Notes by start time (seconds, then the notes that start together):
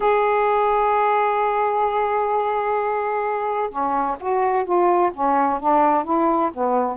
0.00 G#4
3.70 C#4
4.20 F#4
4.64 F4
5.13 C#4
5.59 D4
6.04 E4
6.53 B3